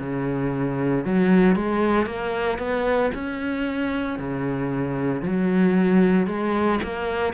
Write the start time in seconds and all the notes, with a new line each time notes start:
0.00 C#3
1.05 F#3
1.56 G#3
2.06 A#3
2.58 B3
3.14 C#4
4.19 C#3
5.22 F#3
6.27 G#3
6.83 A#3